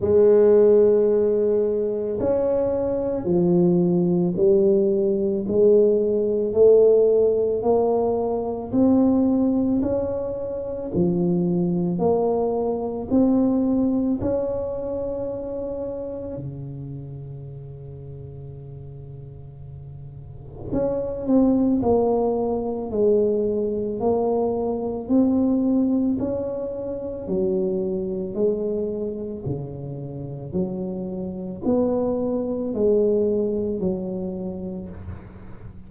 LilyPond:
\new Staff \with { instrumentName = "tuba" } { \time 4/4 \tempo 4 = 55 gis2 cis'4 f4 | g4 gis4 a4 ais4 | c'4 cis'4 f4 ais4 | c'4 cis'2 cis4~ |
cis2. cis'8 c'8 | ais4 gis4 ais4 c'4 | cis'4 fis4 gis4 cis4 | fis4 b4 gis4 fis4 | }